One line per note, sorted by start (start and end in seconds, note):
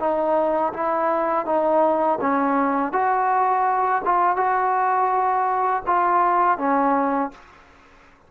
0.00 0.73 D#4
0.73 1.46 E4
1.46 2.19 D#4
2.21 2.92 C#4
2.92 4.02 F#4
4.05 4.36 F4
4.36 5.83 F#4
5.86 6.58 F4
6.58 7.31 C#4